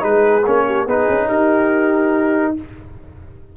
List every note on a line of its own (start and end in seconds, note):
0.00 0.46 G#3
0.00 0.42 D#4
0.00 0.66 G#4
0.00 0.46 B4
0.46 0.87 A#3
0.46 0.88 C#4
0.46 0.88 C#5
0.66 0.85 G4
0.85 1.08 B3
0.85 2.57 D#4
0.85 1.27 G#4
0.85 1.29 B4
1.09 1.30 C#4
1.27 2.56 D#4
1.27 2.53 G4
1.27 2.55 A#4